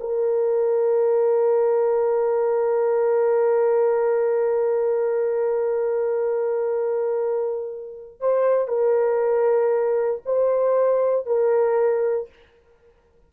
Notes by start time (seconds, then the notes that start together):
0.00 A#4
8.20 C5
8.68 A#4
10.25 C5
11.26 A#4